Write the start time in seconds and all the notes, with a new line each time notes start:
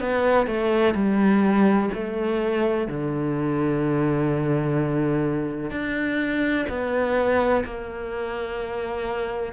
0.00 B3
0.47 A3
0.94 G3
1.94 A3
2.88 D3
5.71 D4
6.69 B3
7.65 A#3